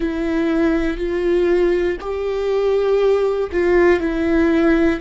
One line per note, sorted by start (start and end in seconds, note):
0.00 0.97 E4
0.97 1.97 F4
2.00 3.50 G4
3.52 4.00 F4
4.00 5.00 E4